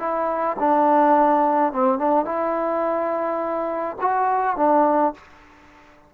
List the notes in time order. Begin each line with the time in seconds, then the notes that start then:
0.00 E4
0.60 D4
1.73 C4
1.99 D4
2.25 E4
4.01 F#4
4.57 D4